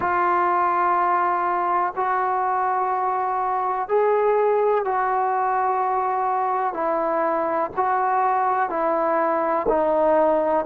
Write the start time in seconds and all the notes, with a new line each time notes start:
0.00 F4
1.96 F#4
3.88 G#4
4.84 F#4
6.73 E4
7.76 F#4
8.69 E4
9.68 D#4